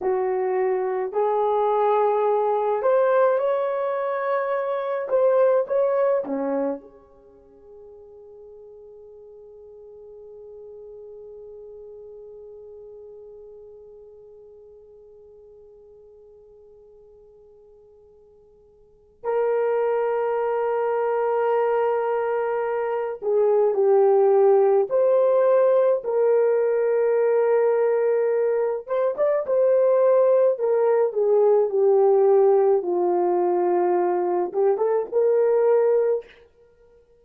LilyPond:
\new Staff \with { instrumentName = "horn" } { \time 4/4 \tempo 4 = 53 fis'4 gis'4. c''8 cis''4~ | cis''8 c''8 cis''8 cis'8 gis'2~ | gis'1~ | gis'1~ |
gis'4 ais'2.~ | ais'8 gis'8 g'4 c''4 ais'4~ | ais'4. c''16 d''16 c''4 ais'8 gis'8 | g'4 f'4. g'16 a'16 ais'4 | }